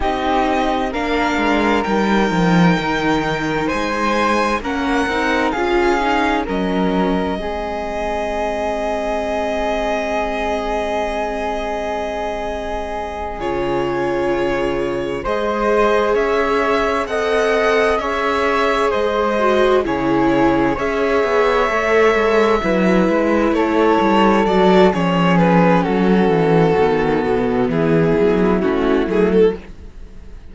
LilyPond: <<
  \new Staff \with { instrumentName = "violin" } { \time 4/4 \tempo 4 = 65 dis''4 f''4 g''2 | gis''4 fis''4 f''4 dis''4~ | dis''1~ | dis''2~ dis''8 cis''4.~ |
cis''8 dis''4 e''4 fis''4 e''8~ | e''8 dis''4 cis''4 e''4.~ | e''4. cis''4 d''8 cis''8 b'8 | a'2 gis'4 fis'8 gis'16 a'16 | }
  \new Staff \with { instrumentName = "flute" } { \time 4/4 g'4 ais'2. | c''4 ais'4 gis'4 ais'4 | gis'1~ | gis'1~ |
gis'8 c''4 cis''4 dis''4 cis''8~ | cis''8 c''4 gis'4 cis''4.~ | cis''8 b'4 a'4. gis'4 | fis'2 e'2 | }
  \new Staff \with { instrumentName = "viola" } { \time 4/4 dis'4 d'4 dis'2~ | dis'4 cis'8 dis'8 f'8 dis'8 cis'4 | c'1~ | c'2~ c'8 f'4.~ |
f'8 gis'2 a'4 gis'8~ | gis'4 fis'8 e'4 gis'4 a'8~ | a'8 e'2 fis'8 cis'4~ | cis'4 b2 cis'8 a8 | }
  \new Staff \with { instrumentName = "cello" } { \time 4/4 c'4 ais8 gis8 g8 f8 dis4 | gis4 ais8 c'8 cis'4 fis4 | gis1~ | gis2~ gis8 cis4.~ |
cis8 gis4 cis'4 c'4 cis'8~ | cis'8 gis4 cis4 cis'8 b8 a8 | gis8 fis8 gis8 a8 g8 fis8 f4 | fis8 e8 dis8 b,8 e8 fis8 a8 fis8 | }
>>